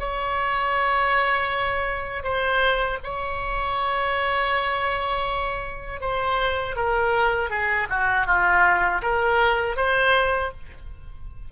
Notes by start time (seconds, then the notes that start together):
0.00 C#5
2.24 C5
3.04 C#5
6.01 C5
6.76 A#4
7.50 G#4
7.90 F#4
8.27 F4
9.02 A#4
9.77 C5